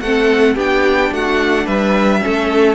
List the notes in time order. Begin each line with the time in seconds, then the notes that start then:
0.00 A3 C4 A4 F#5
0.54 B3 D4 G4 G5
1.11 A3 F#4 F#5
1.65 G3 B4 E5
2.21 A3 C#4 A4